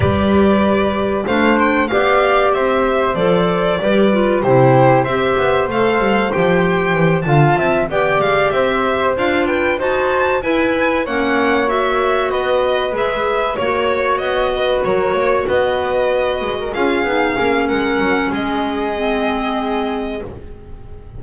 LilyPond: <<
  \new Staff \with { instrumentName = "violin" } { \time 4/4 \tempo 4 = 95 d''2 f''8 g''8 f''4 | e''4 d''2 c''4 | e''4 f''4 g''4. a''8~ | a''8 g''8 f''8 e''4 f''8 g''8 a''8~ |
a''8 gis''4 fis''4 e''4 dis''8~ | dis''8 e''4 cis''4 dis''4 cis''8~ | cis''8 dis''2 f''4. | fis''4 dis''2. | }
  \new Staff \with { instrumentName = "flute" } { \time 4/4 b'2 c''4 d''4 | c''2 b'4 g'4 | c''2.~ c''8 f''8 | e''8 d''4 c''4. b'8 c''8~ |
c''8 b'4 cis''2 b'8~ | b'4. cis''4. b'8 ais'8 | cis''8 b'4.~ b'16 ais'16 gis'4. | ais'4 gis'2. | }
  \new Staff \with { instrumentName = "clarinet" } { \time 4/4 g'2 d'4 g'4~ | g'4 a'4 g'8 f'8 e'4 | g'4 a'4 g'4. f'8~ | f'8 g'2 f'4 fis'8~ |
fis'8 e'4 cis'4 fis'4.~ | fis'8 gis'4 fis'2~ fis'8~ | fis'2~ fis'8 f'8 dis'8 cis'8~ | cis'2 c'2 | }
  \new Staff \with { instrumentName = "double bass" } { \time 4/4 g2 a4 b4 | c'4 f4 g4 c4 | c'8 b8 a8 g8 f4 e8 d8 | c'8 b8 gis8 c'4 d'4 dis'8~ |
dis'8 e'4 ais2 b8~ | b8 gis4 ais4 b4 fis8 | ais8 b4. gis8 cis'8 b8 ais8 | gis8 fis8 gis2. | }
>>